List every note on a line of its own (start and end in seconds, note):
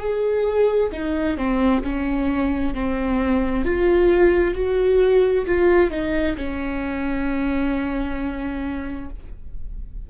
0.00 0.91 G#4
0.93 1.38 D#4
1.38 1.83 C4
1.83 2.74 C#4
2.74 3.65 C4
3.65 4.55 F4
4.55 5.46 F#4
5.46 5.91 F4
5.91 6.36 D#4
6.37 9.10 C#4